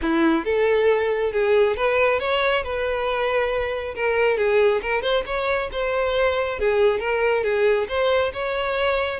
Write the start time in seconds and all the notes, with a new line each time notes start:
0.01 E4
0.44 A4
1.32 G#4
1.76 B4
2.19 C#5
2.63 B4
3.95 A#4
4.37 G#4
4.82 A#4
5.01 C5
5.26 C#5
5.72 C5
6.59 G#4
6.99 A#4
7.43 G#4
7.88 C5
8.33 C#5